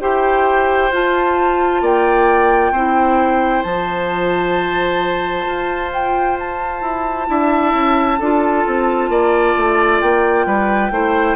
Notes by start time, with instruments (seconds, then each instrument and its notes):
0.00 bassoon E4, clarinet G4, oboe C5, flute G5
0.91 bassoon F4, clarinet F4, flute A5
1.81 bassoon A#3, oboe D5, flute G5
2.71 bassoon C4, clarinet E4, oboe C5
3.63 bassoon F3, clarinet F4, flute A5
5.46 bassoon F4
5.93 flute G5
6.39 flute A5
6.82 bassoon E4
7.27 bassoon D4, clarinet E4, oboe E5
7.73 bassoon C#4
8.19 bassoon D4, clarinet F4, oboe A4
8.67 bassoon C4
9.09 bassoon A#3, oboe D5
9.56 bassoon A3
10.01 bassoon A#3, flute G5
10.46 bassoon G3, oboe B4
10.91 bassoon A3, clarinet E4, oboe C5